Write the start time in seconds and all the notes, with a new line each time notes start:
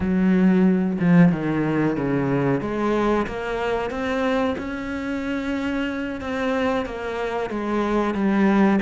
0.00 F#3
0.99 F3
1.32 D#3
1.96 C#3
2.61 G#3
3.26 A#3
3.90 C4
4.58 C#4
6.20 C4
6.85 A#3
7.50 G#3
8.14 G3